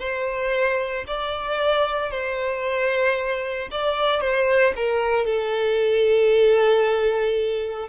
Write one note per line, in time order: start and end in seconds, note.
0.00 1.05 C5
1.08 2.11 D5
2.11 3.69 C5
3.72 4.21 D5
4.21 4.74 C5
4.77 5.26 A#4
5.26 7.89 A4